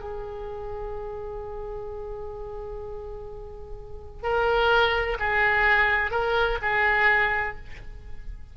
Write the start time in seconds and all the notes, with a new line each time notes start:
0.00 G#4
4.22 A#4
5.19 G#4
6.11 A#4
6.61 G#4